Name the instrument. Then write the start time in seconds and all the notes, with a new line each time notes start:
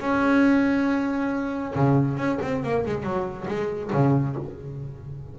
double bass
0.00 C#4
1.75 C#3
2.17 C#4
2.42 C4
2.63 A#3
2.86 G#3
3.03 F#3
3.48 G#3
3.93 C#3